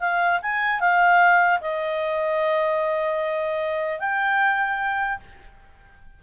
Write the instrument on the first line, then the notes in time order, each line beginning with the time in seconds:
clarinet
0.00 F5
0.42 G#5
0.80 F5
1.61 D#5
4.00 G5